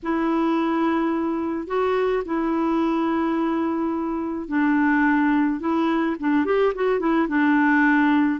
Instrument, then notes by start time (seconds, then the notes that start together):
clarinet
0.03 E4
1.67 F#4
2.25 E4
4.48 D4
5.59 E4
6.19 D4
6.45 G4
6.74 F#4
6.99 E4
7.28 D4